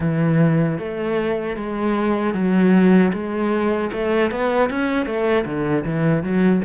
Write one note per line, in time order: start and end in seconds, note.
0.00 0.78 E3
0.78 1.56 A3
1.56 2.34 G#3
2.34 3.12 F#3
3.12 3.90 G#3
3.92 4.31 A3
4.31 4.70 B3
4.70 5.05 C#4
5.05 5.44 A3
5.45 5.84 D3
5.84 6.23 E3
6.23 6.62 F#3